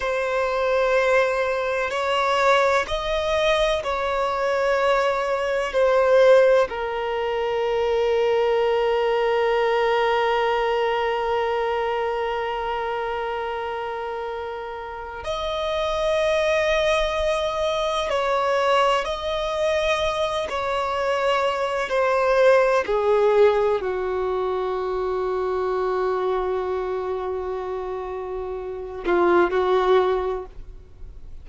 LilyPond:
\new Staff \with { instrumentName = "violin" } { \time 4/4 \tempo 4 = 63 c''2 cis''4 dis''4 | cis''2 c''4 ais'4~ | ais'1~ | ais'1 |
dis''2. cis''4 | dis''4. cis''4. c''4 | gis'4 fis'2.~ | fis'2~ fis'8 f'8 fis'4 | }